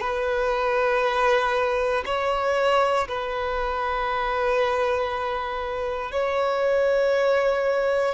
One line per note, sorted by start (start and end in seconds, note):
0.00 2.03 B4
2.06 3.07 C#5
3.08 6.12 B4
6.12 8.14 C#5